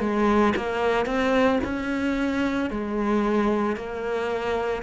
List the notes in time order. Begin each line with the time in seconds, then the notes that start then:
0.00 G#3
0.56 A#3
1.06 C4
1.65 C#4
2.71 G#3
3.76 A#3